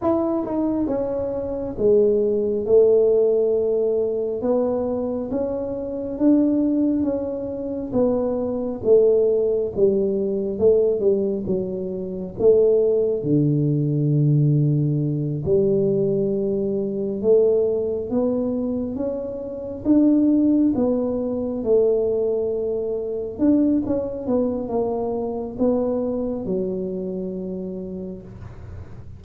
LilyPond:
\new Staff \with { instrumentName = "tuba" } { \time 4/4 \tempo 4 = 68 e'8 dis'8 cis'4 gis4 a4~ | a4 b4 cis'4 d'4 | cis'4 b4 a4 g4 | a8 g8 fis4 a4 d4~ |
d4. g2 a8~ | a8 b4 cis'4 d'4 b8~ | b8 a2 d'8 cis'8 b8 | ais4 b4 fis2 | }